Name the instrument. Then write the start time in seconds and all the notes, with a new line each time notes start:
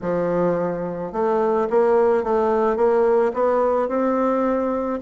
bassoon
0.02 F3
1.12 A3
1.70 A#3
2.23 A3
2.76 A#3
3.33 B3
3.88 C4